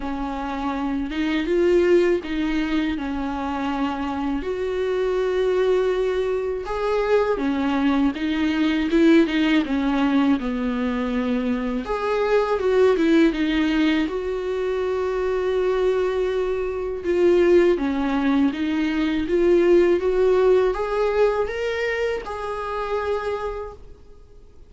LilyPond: \new Staff \with { instrumentName = "viola" } { \time 4/4 \tempo 4 = 81 cis'4. dis'8 f'4 dis'4 | cis'2 fis'2~ | fis'4 gis'4 cis'4 dis'4 | e'8 dis'8 cis'4 b2 |
gis'4 fis'8 e'8 dis'4 fis'4~ | fis'2. f'4 | cis'4 dis'4 f'4 fis'4 | gis'4 ais'4 gis'2 | }